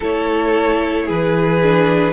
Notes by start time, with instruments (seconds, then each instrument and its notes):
0.00 cello A3, viola E4, violin A4 C#5
1.05 cello E3, violin G#4 B4
1.62 viola D4